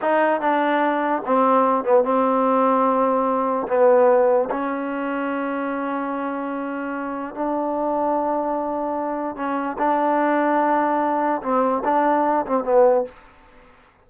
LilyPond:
\new Staff \with { instrumentName = "trombone" } { \time 4/4 \tempo 4 = 147 dis'4 d'2 c'4~ | c'8 b8 c'2.~ | c'4 b2 cis'4~ | cis'1~ |
cis'2 d'2~ | d'2. cis'4 | d'1 | c'4 d'4. c'8 b4 | }